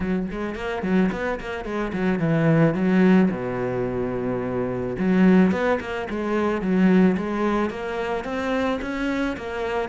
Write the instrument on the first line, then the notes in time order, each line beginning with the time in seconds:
cello
0.00 F#3
0.31 G#3
0.55 A#3
0.82 F#3
1.12 B3
1.40 A#3
1.64 G#3
1.93 F#3
2.19 E3
2.74 F#3
3.31 B2
4.98 F#3
5.51 B3
5.80 A#3
6.10 G#3
6.61 F#3
7.17 G#3
7.70 A#3
8.24 C4
8.81 C#4
9.37 A#3